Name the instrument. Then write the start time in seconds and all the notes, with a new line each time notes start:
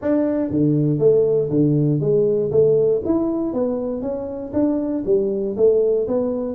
tuba
0.01 D4
0.50 D3
0.99 A3
1.50 D3
2.00 G#3
2.51 A3
3.05 E4
3.53 B3
4.01 C#4
4.53 D4
5.05 G3
5.56 A3
6.07 B3